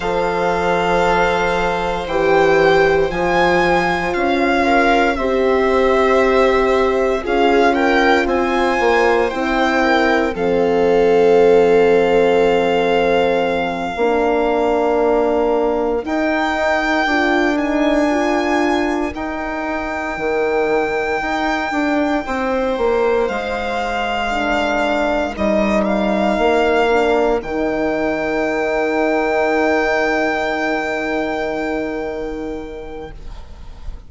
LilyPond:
<<
  \new Staff \with { instrumentName = "violin" } { \time 4/4 \tempo 4 = 58 f''2 g''4 gis''4 | f''4 e''2 f''8 g''8 | gis''4 g''4 f''2~ | f''2.~ f''8 g''8~ |
g''4 gis''4. g''4.~ | g''2~ g''8 f''4.~ | f''8 dis''8 f''4. g''4.~ | g''1 | }
  \new Staff \with { instrumentName = "viola" } { \time 4/4 c''1~ | c''8 ais'8 c''2 gis'8 ais'8 | c''4. ais'8 a'2~ | a'4. ais'2~ ais'8~ |
ais'1~ | ais'4. c''2 ais'8~ | ais'1~ | ais'1 | }
  \new Staff \with { instrumentName = "horn" } { \time 4/4 a'2 g'4 f'4~ | f'4 g'2 f'4~ | f'4 e'4 c'2~ | c'4. d'2 dis'8~ |
dis'8 f'8 dis'8 f'4 dis'4.~ | dis'2.~ dis'8 d'8~ | d'8 dis'4. d'8 dis'4.~ | dis'1 | }
  \new Staff \with { instrumentName = "bassoon" } { \time 4/4 f2 e4 f4 | cis'4 c'2 cis'4 | c'8 ais8 c'4 f2~ | f4. ais2 dis'8~ |
dis'8 d'2 dis'4 dis8~ | dis8 dis'8 d'8 c'8 ais8 gis4.~ | gis8 g4 ais4 dis4.~ | dis1 | }
>>